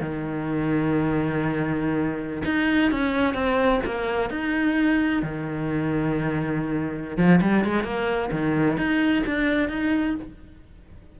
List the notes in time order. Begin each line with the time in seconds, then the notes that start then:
0.00 D#3
2.45 D#4
2.91 C#4
3.34 C4
3.85 A#3
4.30 D#4
5.22 D#3
7.17 F3
7.41 G3
7.64 G#3
7.83 A#3
8.31 D#3
8.77 D#4
9.26 D4
9.69 D#4